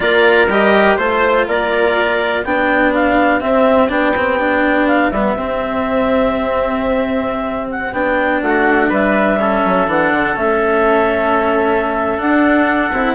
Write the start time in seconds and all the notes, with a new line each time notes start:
0.00 A#3 F4 A#4 D5
0.47 G3 G4 D#5
0.96 A3 F4 C5
1.47 A#3 A#4 D5
2.44 B3 D4 G4 G5
2.94 F5
3.40 C4 E5
3.89 B3 D4 G5
4.16 C4
4.39 D4
4.87 F5
5.11 G3 B3 E5
5.35 C4
7.71 F#5
7.92 B3 D4 G5
8.41 A3 F#4 F#5
8.89 G3 B4 E5
9.39 C#4 A4
9.64 F#3
9.86 E3 D4 F#5
10.12 D3
10.35 A3 C#4 E5
12.18 D4 F#5
12.92 C4 E4